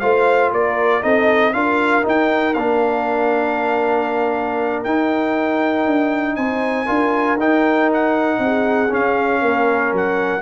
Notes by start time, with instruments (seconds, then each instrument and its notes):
0.00 tuba A3, trombone F4, horn C5, trumpet F5
0.52 tuba A#3, horn A#4, trumpet D5
1.02 tuba C4, trombone D#4, horn A4, trumpet D#5
1.54 tuba D4, trombone F4, horn A#4, trumpet F5
2.03 trombone D#4, tuba D#4, trumpet G5
2.55 tuba A#3, trombone D4, trumpet F5
4.84 tuba D#4, trombone D#4, trumpet G5
5.87 tuba D4
6.36 tuba C4, horn C5, trumpet G#5
6.86 tuba D4, trombone F4, horn A#4
7.37 tuba D#4, trombone D#4, trumpet G5
7.94 trumpet F#5
8.39 tuba C4, horn G#4
8.89 trombone C#4, tuba C#4, trumpet F5
9.42 tuba A#3, horn A#4
9.93 tuba F#3, trumpet F#5